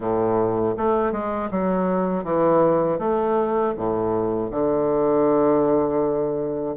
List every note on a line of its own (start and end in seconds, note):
0.00 0.75 A2
0.77 1.11 A3
1.11 1.49 G#3
1.50 2.24 F#3
2.24 2.98 E3
2.98 3.73 A3
3.76 4.50 A2
4.50 6.75 D3